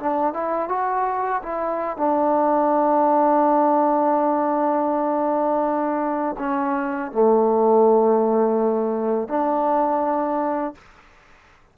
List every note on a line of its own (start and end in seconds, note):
0.00 0.34 D4
0.34 0.69 E4
0.69 1.42 F#4
1.43 1.98 E4
1.98 6.37 D4
6.39 7.12 C#4
7.12 9.29 A3
9.29 10.75 D4